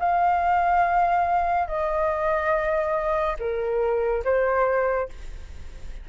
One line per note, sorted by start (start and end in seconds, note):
0.00 1.68 F5
1.68 3.37 D#5
3.40 4.24 A#4
4.25 5.09 C5